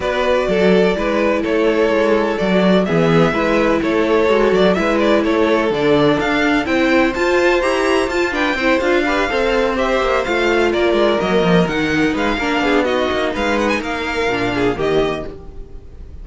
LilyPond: <<
  \new Staff \with { instrumentName = "violin" } { \time 4/4 \tempo 4 = 126 d''2. cis''4~ | cis''4 d''4 e''2 | cis''4. d''8 e''8 d''8 cis''4 | d''4 f''4 g''4 a''4 |
ais''4 a''8 g''4 f''4.~ | f''8 e''4 f''4 d''4 dis''8~ | dis''8 fis''4 f''4. dis''4 | f''8 fis''16 gis''16 f''2 dis''4 | }
  \new Staff \with { instrumentName = "violin" } { \time 4/4 b'4 a'4 b'4 a'4~ | a'2 gis'4 b'4 | a'2 b'4 a'4~ | a'2 c''2~ |
c''4. b'8 c''4 b'8 c''8~ | c''2~ c''8 ais'4.~ | ais'4. b'8 ais'8 gis'8 fis'4 | b'4 ais'4. gis'8 g'4 | }
  \new Staff \with { instrumentName = "viola" } { \time 4/4 fis'2 e'2~ | e'4 fis'4 b4 e'4~ | e'4 fis'4 e'2 | d'2 e'4 f'4 |
g'4 f'8 d'8 e'8 f'8 g'8 a'8~ | a'8 g'4 f'2 ais8~ | ais8 dis'4. d'4 dis'4~ | dis'2 d'4 ais4 | }
  \new Staff \with { instrumentName = "cello" } { \time 4/4 b4 fis4 gis4 a4 | gis4 fis4 e4 gis4 | a4 gis8 fis8 gis4 a4 | d4 d'4 c'4 f'4 |
e'4 f'4 c'8 d'4 c'8~ | c'4 ais8 a4 ais8 gis8 fis8 | f8 dis4 gis8 ais8 b4 ais8 | gis4 ais4 ais,4 dis4 | }
>>